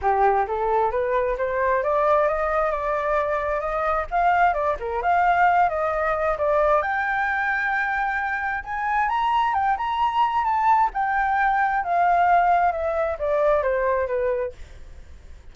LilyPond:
\new Staff \with { instrumentName = "flute" } { \time 4/4 \tempo 4 = 132 g'4 a'4 b'4 c''4 | d''4 dis''4 d''2 | dis''4 f''4 d''8 ais'8 f''4~ | f''8 dis''4. d''4 g''4~ |
g''2. gis''4 | ais''4 g''8 ais''4. a''4 | g''2 f''2 | e''4 d''4 c''4 b'4 | }